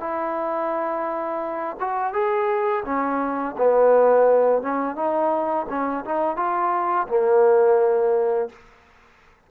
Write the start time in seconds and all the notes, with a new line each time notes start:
0.00 E4
1.80 F#4
2.13 G#4
2.85 C#4
3.58 B3
4.62 C#4
4.96 D#4
5.69 C#4
6.05 D#4
6.37 F4
7.08 A#3